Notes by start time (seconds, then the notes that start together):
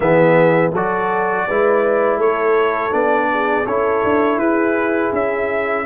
0.00 E3 B3 G#4 E5
0.71 F#3 F#4 A4 D5
1.47 G#3 E4 B4
2.17 A3 A4 C#5
2.91 B3 D4 D5
3.32 G#4
3.66 C#4 E4 A4 C#5
4.04 D4
4.37 E4 G#4 B4
5.12 C#4 E5